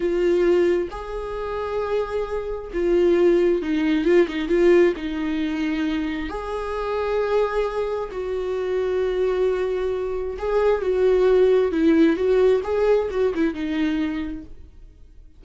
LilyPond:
\new Staff \with { instrumentName = "viola" } { \time 4/4 \tempo 4 = 133 f'2 gis'2~ | gis'2 f'2 | dis'4 f'8 dis'8 f'4 dis'4~ | dis'2 gis'2~ |
gis'2 fis'2~ | fis'2. gis'4 | fis'2 e'4 fis'4 | gis'4 fis'8 e'8 dis'2 | }